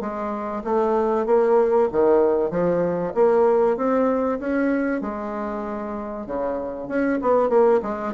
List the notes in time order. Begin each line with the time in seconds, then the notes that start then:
0.00 G#3
0.64 A3
1.26 A#3
1.92 D#3
2.50 F3
3.14 A#3
3.76 C4
4.39 C#4
5.01 G#3
6.26 C#3
6.88 C#4
7.21 B3
7.49 A#3
7.82 G#3